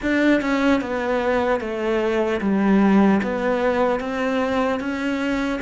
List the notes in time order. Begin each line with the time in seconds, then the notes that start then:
0.02 D4
0.41 C#4
0.81 B3
1.60 A3
2.40 G3
3.23 B3
4.00 C4
4.80 C#4